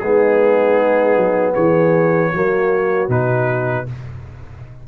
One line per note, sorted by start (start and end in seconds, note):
0.00 1.17 G#3
0.00 2.33 B3
0.00 1.53 D#4
0.00 1.54 G#4
1.17 1.56 F#3
1.53 2.33 E3
1.53 2.29 G#4
1.53 3.09 C#5
2.33 3.09 F#3
2.33 3.09 A#3
2.33 3.86 F#4
3.09 3.86 B2
3.09 3.86 D#4
3.09 3.88 B4